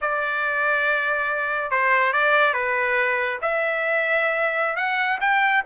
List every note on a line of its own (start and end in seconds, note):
0.01 1.71 D5
1.71 2.13 C5
2.13 2.53 D5
2.53 3.38 B4
3.41 4.76 E5
4.76 5.19 F#5
5.21 5.63 G5